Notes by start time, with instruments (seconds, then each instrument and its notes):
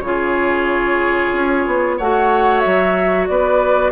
0.00 bassoon C#3, clarinet F4, flute C#5
0.07 oboe G#4
1.33 bassoon C#4
1.67 bassoon B3
1.97 bassoon A3, clarinet F#4, oboe C#5, flute F#5
2.60 bassoon F#3, flute E5
3.27 bassoon B3, oboe B4, flute D5